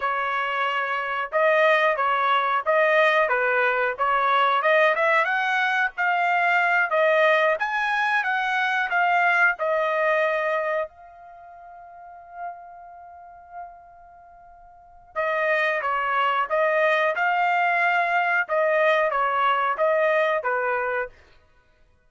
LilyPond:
\new Staff \with { instrumentName = "trumpet" } { \time 4/4 \tempo 4 = 91 cis''2 dis''4 cis''4 | dis''4 b'4 cis''4 dis''8 e''8 | fis''4 f''4. dis''4 gis''8~ | gis''8 fis''4 f''4 dis''4.~ |
dis''8 f''2.~ f''8~ | f''2. dis''4 | cis''4 dis''4 f''2 | dis''4 cis''4 dis''4 b'4 | }